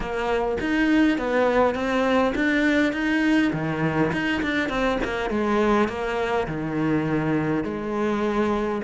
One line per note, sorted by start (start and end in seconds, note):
0.00 0.57 A#3
0.60 1.18 D#4
1.18 1.75 B3
1.75 2.33 C4
2.35 2.92 D4
2.92 3.51 D#4
3.53 4.11 D#3
4.12 4.41 D#4
4.42 4.69 D4
4.69 4.98 C4
5.04 5.29 A#3
5.29 5.88 G#3
5.88 6.47 A#3
6.47 7.63 D#3
7.63 8.81 G#3